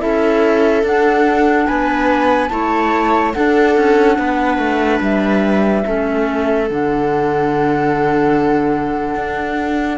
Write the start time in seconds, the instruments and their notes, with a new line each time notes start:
0.00 cello C#4, clarinet E4, viola A4, flute E5
0.84 cello D4, clarinet D4, flute F#5
1.68 cello B3, viola B4, flute G#5
2.49 cello A3, clarinet E4, viola C#5, flute A5
3.33 clarinet D4, cello D4, viola A4, flute F#5
3.77 cello C#4
4.19 cello B3, viola B4
4.59 cello A3
5.01 cello G3, flute E5
5.85 cello A3, clarinet C#4, viola A4
6.69 cello D3, clarinet D4, flute F#5
9.15 cello D4